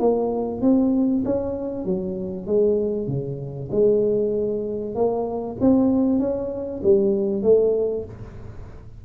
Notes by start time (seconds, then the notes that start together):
0.00 A#3
0.62 C4
1.25 C#4
1.85 F#3
2.47 G#3
3.08 C#3
3.72 G#3
4.95 A#3
5.61 C4
6.20 C#4
6.84 G3
7.43 A3